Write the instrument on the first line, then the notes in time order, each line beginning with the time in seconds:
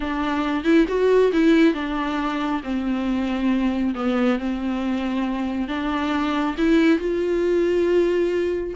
viola
0.00 D4
0.64 E4
0.88 F#4
1.32 E4
1.74 D4
2.63 C4
3.95 B3
4.39 C4
5.68 D4
6.57 E4
6.99 F4